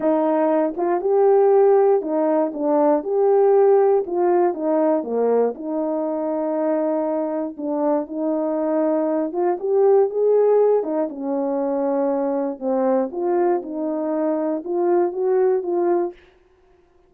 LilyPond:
\new Staff \with { instrumentName = "horn" } { \time 4/4 \tempo 4 = 119 dis'4. f'8 g'2 | dis'4 d'4 g'2 | f'4 dis'4 ais4 dis'4~ | dis'2. d'4 |
dis'2~ dis'8 f'8 g'4 | gis'4. dis'8 cis'2~ | cis'4 c'4 f'4 dis'4~ | dis'4 f'4 fis'4 f'4 | }